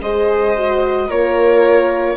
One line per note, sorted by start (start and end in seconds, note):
0.00 1.09 G#3
0.00 0.55 G#4
0.00 1.07 C5
0.00 1.10 D#5
0.55 1.09 F#4
1.07 2.16 A#3
1.07 2.16 F4
1.07 2.16 A#4
1.07 2.16 C#5